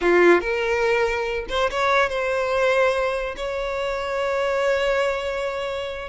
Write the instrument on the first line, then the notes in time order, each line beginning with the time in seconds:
violin
0.01 F4
0.40 A#4
1.49 C5
1.70 C#5
2.09 C5
3.36 C#5